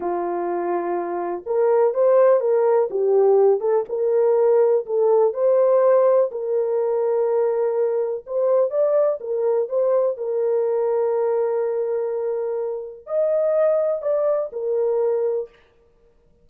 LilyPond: \new Staff \with { instrumentName = "horn" } { \time 4/4 \tempo 4 = 124 f'2. ais'4 | c''4 ais'4 g'4. a'8 | ais'2 a'4 c''4~ | c''4 ais'2.~ |
ais'4 c''4 d''4 ais'4 | c''4 ais'2.~ | ais'2. dis''4~ | dis''4 d''4 ais'2 | }